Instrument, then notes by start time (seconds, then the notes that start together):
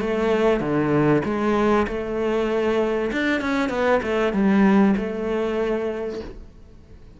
cello
0.00 A3
0.60 D3
1.24 G#3
1.87 A3
3.12 D4
3.41 C#4
3.69 B3
4.02 A3
4.33 G3
4.96 A3